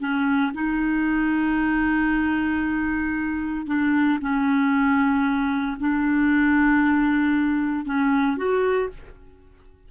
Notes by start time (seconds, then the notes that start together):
0.00 C#4
0.55 D#4
3.67 D4
4.21 C#4
5.80 D4
7.86 C#4
8.37 F#4